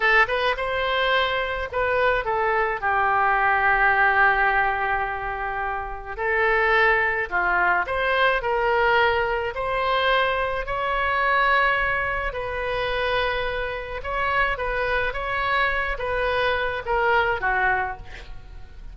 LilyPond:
\new Staff \with { instrumentName = "oboe" } { \time 4/4 \tempo 4 = 107 a'8 b'8 c''2 b'4 | a'4 g'2.~ | g'2. a'4~ | a'4 f'4 c''4 ais'4~ |
ais'4 c''2 cis''4~ | cis''2 b'2~ | b'4 cis''4 b'4 cis''4~ | cis''8 b'4. ais'4 fis'4 | }